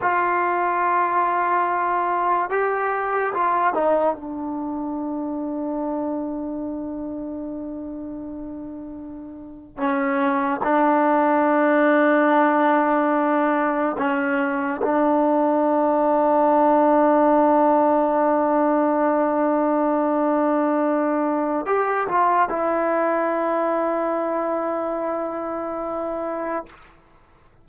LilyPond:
\new Staff \with { instrumentName = "trombone" } { \time 4/4 \tempo 4 = 72 f'2. g'4 | f'8 dis'8 d'2.~ | d'2.~ d'8. cis'16~ | cis'8. d'2.~ d'16~ |
d'8. cis'4 d'2~ d'16~ | d'1~ | d'2 g'8 f'8 e'4~ | e'1 | }